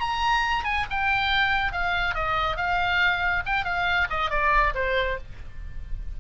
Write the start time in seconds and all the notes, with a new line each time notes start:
0.00 A#5
0.64 G#5
0.90 G5
1.72 F5
2.14 D#5
2.56 F5
3.46 G5
3.65 F5
4.10 D#5
4.30 D5
4.74 C5